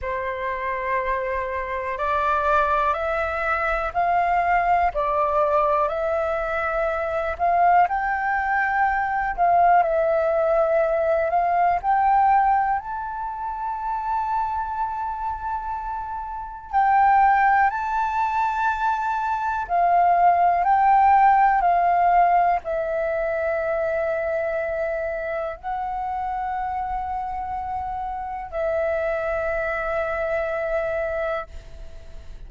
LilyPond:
\new Staff \with { instrumentName = "flute" } { \time 4/4 \tempo 4 = 61 c''2 d''4 e''4 | f''4 d''4 e''4. f''8 | g''4. f''8 e''4. f''8 | g''4 a''2.~ |
a''4 g''4 a''2 | f''4 g''4 f''4 e''4~ | e''2 fis''2~ | fis''4 e''2. | }